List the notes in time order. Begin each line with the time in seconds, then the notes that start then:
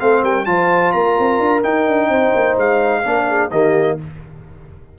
0.00 A3 C4 A4 F5
0.22 G3 A#4 G5
0.45 F3 F4 C5 A5
0.92 A#3 A#4 A#5
1.19 C4
1.39 D4
1.63 D#4 G5
1.87 D4
2.09 C4 C5
2.35 A#3
2.58 G#3 F5
3.04 A#3 D4 A#4
3.28 G#4
3.51 D#3 A#3 G4 D#5